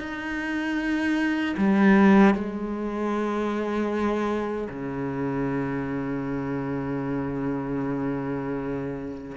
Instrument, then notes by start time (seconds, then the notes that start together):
cello
0.00 D#4
1.58 G3
2.35 G#3
4.70 C#3